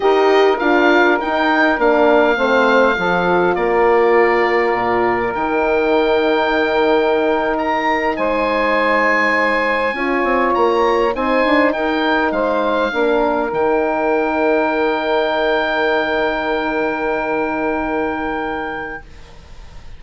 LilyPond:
<<
  \new Staff \with { instrumentName = "oboe" } { \time 4/4 \tempo 4 = 101 dis''4 f''4 g''4 f''4~ | f''2 d''2~ | d''4 g''2.~ | g''8. ais''4 gis''2~ gis''16~ |
gis''4.~ gis''16 ais''4 gis''4 g''16~ | g''8. f''2 g''4~ g''16~ | g''1~ | g''1 | }
  \new Staff \with { instrumentName = "saxophone" } { \time 4/4 ais'1 | c''4 a'4 ais'2~ | ais'1~ | ais'4.~ ais'16 c''2~ c''16~ |
c''8. cis''2 c''4 ais'16~ | ais'8. c''4 ais'2~ ais'16~ | ais'1~ | ais'1 | }
  \new Staff \with { instrumentName = "horn" } { \time 4/4 g'4 f'4 dis'4 d'4 | c'4 f'2.~ | f'4 dis'2.~ | dis'1~ |
dis'8. f'2 dis'4~ dis'16~ | dis'4.~ dis'16 d'4 dis'4~ dis'16~ | dis'1~ | dis'1 | }
  \new Staff \with { instrumentName = "bassoon" } { \time 4/4 dis'4 d'4 dis'4 ais4 | a4 f4 ais2 | ais,4 dis2.~ | dis4.~ dis16 gis2~ gis16~ |
gis8. cis'8 c'8 ais4 c'8 d'8 dis'16~ | dis'8. gis4 ais4 dis4~ dis16~ | dis1~ | dis1 | }
>>